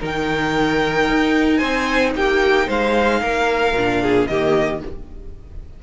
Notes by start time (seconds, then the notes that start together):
0.00 D#3 D#4 A#4 G5
1.09 D#4
1.57 C4 C5 G#5
2.15 A#3 G4 G5
2.67 G#3 C5 F5
3.22 A#3 A#4
3.73 A#2 D4
4.02 G#4
4.27 D#3 A#3 G4 D#5